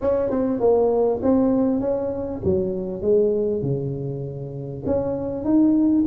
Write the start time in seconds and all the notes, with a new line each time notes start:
0.01 C#4
0.29 C4
0.60 A#3
1.22 C4
1.80 C#4
2.44 F#3
3.01 G#3
3.62 C#3
4.85 C#4
5.44 D#4